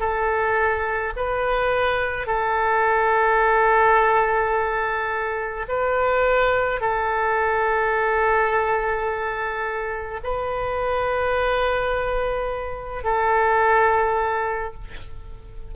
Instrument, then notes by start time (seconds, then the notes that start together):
oboe
0.00 A4
1.16 B4
2.27 A4
5.69 B4
6.81 A4
10.23 B4
13.04 A4